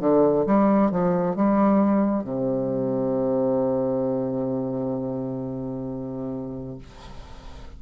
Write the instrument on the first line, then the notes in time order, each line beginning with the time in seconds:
bassoon
0.00 D3
0.46 G3
0.91 F3
1.36 G3
2.24 C3